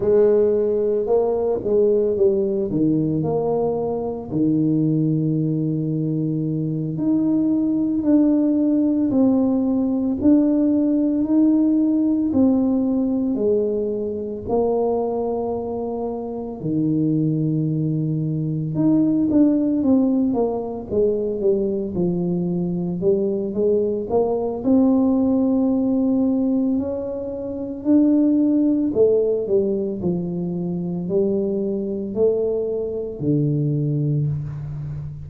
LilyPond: \new Staff \with { instrumentName = "tuba" } { \time 4/4 \tempo 4 = 56 gis4 ais8 gis8 g8 dis8 ais4 | dis2~ dis8 dis'4 d'8~ | d'8 c'4 d'4 dis'4 c'8~ | c'8 gis4 ais2 dis8~ |
dis4. dis'8 d'8 c'8 ais8 gis8 | g8 f4 g8 gis8 ais8 c'4~ | c'4 cis'4 d'4 a8 g8 | f4 g4 a4 d4 | }